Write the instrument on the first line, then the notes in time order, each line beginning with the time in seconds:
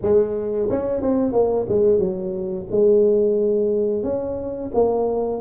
tuba
0.02 G#3
0.70 C#4
1.01 C4
1.32 A#3
1.68 G#3
1.98 F#3
2.71 G#3
4.03 C#4
4.74 A#3